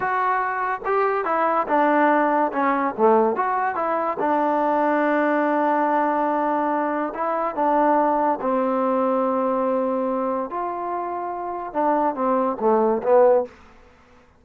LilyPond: \new Staff \with { instrumentName = "trombone" } { \time 4/4 \tempo 4 = 143 fis'2 g'4 e'4 | d'2 cis'4 a4 | fis'4 e'4 d'2~ | d'1~ |
d'4 e'4 d'2 | c'1~ | c'4 f'2. | d'4 c'4 a4 b4 | }